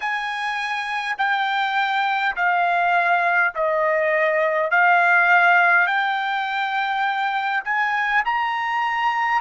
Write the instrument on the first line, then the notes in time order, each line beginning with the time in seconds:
trumpet
0.00 G#5
1.18 G5
2.36 F5
3.55 D#5
4.71 F5
5.86 G5
7.64 G#5
8.25 A#5